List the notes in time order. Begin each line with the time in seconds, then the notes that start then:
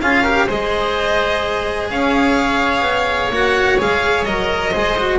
0.00 C#4 F4 G#4 F5
0.22 G4 A#4
0.46 G#3 G#4 C5 D#5
1.90 C#4 C#5 F5
2.81 B3
3.29 A#3 F#4 F#5
3.78 G#3 G#4 F5
4.24 F#3 A#4 D#5
4.71 G#3 G#4 C5
4.97 F#4